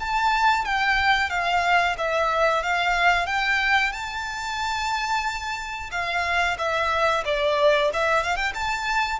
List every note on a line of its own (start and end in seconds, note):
0.00 0.65 A5
0.65 1.30 G5
1.30 1.96 F5
1.98 2.63 E5
2.63 3.26 F5
3.26 3.92 G5
3.92 5.90 A5
5.91 6.57 F5
6.58 7.24 E5
7.25 7.91 D5
7.94 8.23 E5
8.23 8.36 F5
8.36 8.53 G5
8.54 9.20 A5